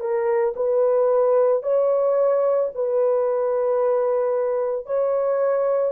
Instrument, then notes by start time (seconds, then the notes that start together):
horn
0.00 A#4
0.56 B4
1.62 C#5
2.74 B4
4.86 C#5